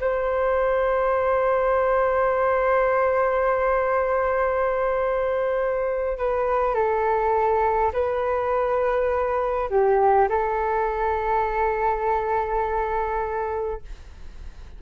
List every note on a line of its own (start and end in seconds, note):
0.00 6.18 C5
6.18 6.74 B4
6.74 7.92 A4
7.93 9.69 B4
9.69 10.28 G4
10.28 13.81 A4